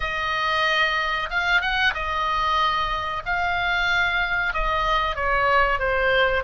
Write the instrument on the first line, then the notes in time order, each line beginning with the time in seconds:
oboe
0.00 D#5
1.29 F5
1.61 F#5
1.94 D#5
3.25 F5
4.53 D#5
5.15 C#5
5.79 C5